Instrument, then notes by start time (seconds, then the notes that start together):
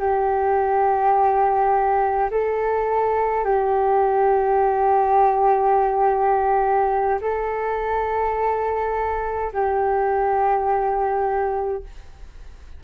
flute
0.00 G4
2.31 A4
3.45 G4
7.22 A4
9.53 G4